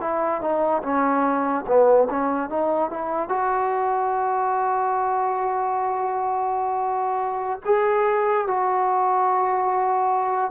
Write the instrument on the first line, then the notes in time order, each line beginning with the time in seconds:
trombone
0.00 E4
0.41 D#4
0.82 C#4
1.67 B3
2.10 C#4
2.49 D#4
2.90 E4
3.28 F#4
7.65 G#4
8.47 F#4